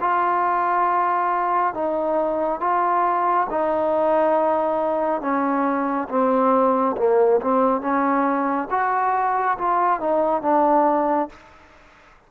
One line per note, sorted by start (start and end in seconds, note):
0.00 1.74 F4
1.74 2.60 D#4
2.60 3.47 F4
3.50 5.21 D#4
5.21 6.08 C#4
6.09 6.96 C4
6.97 7.40 A#3
7.41 7.81 C4
7.81 8.68 C#4
8.70 9.57 F#4
9.58 10.00 F4
10.00 10.42 D#4
10.42 11.29 D4